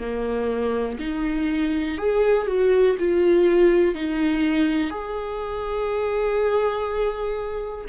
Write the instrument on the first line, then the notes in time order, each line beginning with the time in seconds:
viola
0.00 A#3
1.00 D#4
1.98 G#4
2.48 F#4
2.99 F4
3.95 D#4
4.90 G#4